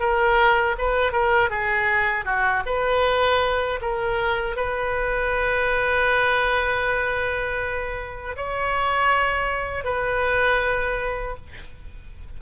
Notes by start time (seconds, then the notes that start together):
0.00 A#4
0.78 B4
1.13 A#4
1.50 G#4
2.25 F#4
2.66 B4
3.81 A#4
4.56 B4
8.36 C#5
9.84 B4